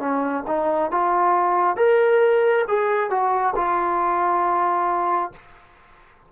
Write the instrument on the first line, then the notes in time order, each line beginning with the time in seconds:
trombone
0.00 C#4
0.47 D#4
0.91 F4
1.77 A#4
2.68 G#4
3.11 F#4
3.56 F4